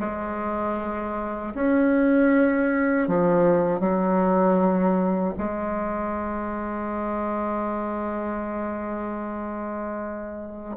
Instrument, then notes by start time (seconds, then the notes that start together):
bassoon
0.00 G#3
1.55 C#4
3.08 F3
3.80 F#3
5.38 G#3